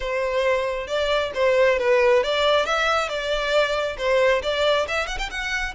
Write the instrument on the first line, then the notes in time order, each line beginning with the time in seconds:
violin
0.00 C5
0.87 D5
1.34 C5
1.78 B4
2.23 D5
2.65 E5
3.08 D5
3.97 C5
4.42 D5
4.87 E5
5.07 F#5
5.18 G5
5.30 F#5